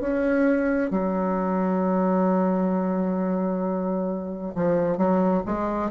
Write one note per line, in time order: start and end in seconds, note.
0.00 0.90 C#4
0.90 4.54 F#3
4.55 4.97 F3
4.97 5.43 F#3
5.46 5.90 G#3